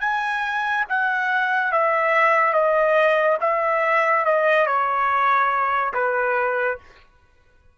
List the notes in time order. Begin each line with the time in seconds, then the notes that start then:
0.00 G#5
0.89 F#5
1.72 E5
2.53 D#5
3.40 E5
4.25 D#5
4.66 C#5
5.93 B4